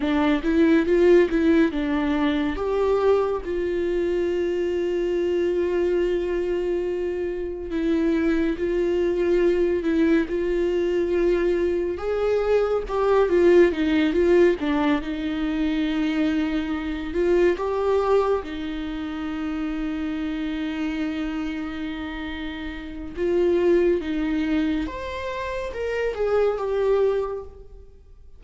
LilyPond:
\new Staff \with { instrumentName = "viola" } { \time 4/4 \tempo 4 = 70 d'8 e'8 f'8 e'8 d'4 g'4 | f'1~ | f'4 e'4 f'4. e'8 | f'2 gis'4 g'8 f'8 |
dis'8 f'8 d'8 dis'2~ dis'8 | f'8 g'4 dis'2~ dis'8~ | dis'2. f'4 | dis'4 c''4 ais'8 gis'8 g'4 | }